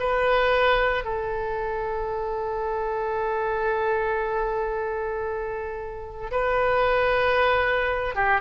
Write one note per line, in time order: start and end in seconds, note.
0.00 1.05 B4
1.05 6.32 A4
6.32 8.16 B4
8.16 8.42 G4